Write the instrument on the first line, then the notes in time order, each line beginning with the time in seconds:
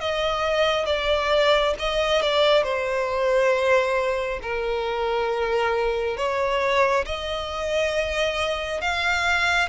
violin
0.00 D#5
0.86 D5
1.79 D#5
2.21 D5
2.63 C5
4.42 A#4
6.17 C#5
7.05 D#5
8.81 F5